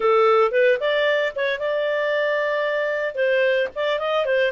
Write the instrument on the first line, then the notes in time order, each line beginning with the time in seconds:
clarinet
0.00 A4
0.51 B4
0.80 D5
1.35 C#5
1.59 D5
3.14 C5
3.75 D5
3.99 D#5
4.25 C5